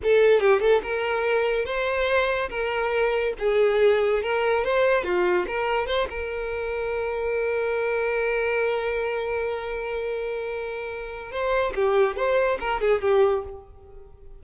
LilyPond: \new Staff \with { instrumentName = "violin" } { \time 4/4 \tempo 4 = 143 a'4 g'8 a'8 ais'2 | c''2 ais'2 | gis'2 ais'4 c''4 | f'4 ais'4 c''8 ais'4.~ |
ais'1~ | ais'1~ | ais'2. c''4 | g'4 c''4 ais'8 gis'8 g'4 | }